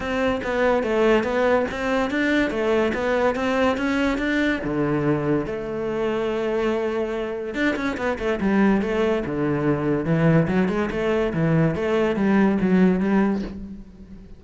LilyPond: \new Staff \with { instrumentName = "cello" } { \time 4/4 \tempo 4 = 143 c'4 b4 a4 b4 | c'4 d'4 a4 b4 | c'4 cis'4 d'4 d4~ | d4 a2.~ |
a2 d'8 cis'8 b8 a8 | g4 a4 d2 | e4 fis8 gis8 a4 e4 | a4 g4 fis4 g4 | }